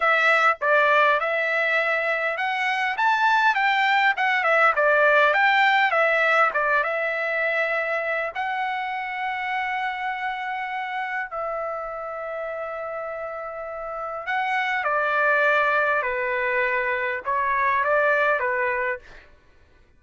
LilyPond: \new Staff \with { instrumentName = "trumpet" } { \time 4/4 \tempo 4 = 101 e''4 d''4 e''2 | fis''4 a''4 g''4 fis''8 e''8 | d''4 g''4 e''4 d''8 e''8~ | e''2 fis''2~ |
fis''2. e''4~ | e''1 | fis''4 d''2 b'4~ | b'4 cis''4 d''4 b'4 | }